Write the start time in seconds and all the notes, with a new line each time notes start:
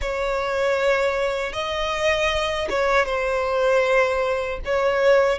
0.01 C#5
1.52 D#5
2.69 C#5
3.05 C5
4.65 C#5